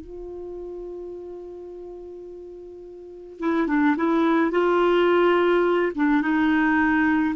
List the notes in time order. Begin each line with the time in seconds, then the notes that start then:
0.00 F4
3.39 E4
3.67 D4
3.96 E4
4.51 F4
5.95 D4
6.21 D#4